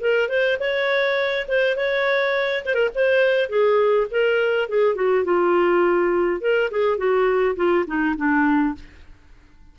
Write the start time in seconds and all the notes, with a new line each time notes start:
0.00 A#4
0.28 C5
0.59 C#5
1.48 C5
1.76 C#5
2.65 C5
2.74 A#4
2.95 C5
3.49 G#4
4.11 A#4
4.69 G#4
4.95 F#4
5.25 F4
6.41 A#4
6.71 G#4
6.97 F#4
7.56 F4
7.86 D#4
8.17 D4